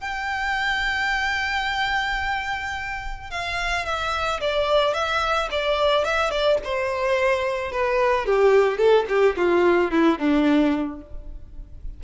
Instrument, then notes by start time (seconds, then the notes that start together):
violin
0.00 G5
3.30 F5
3.85 E5
4.40 D5
4.93 E5
5.51 D5
6.05 E5
6.31 D5
6.64 C5
7.72 B4
8.25 G4
8.78 A4
9.08 G4
9.37 F4
9.91 E4
10.18 D4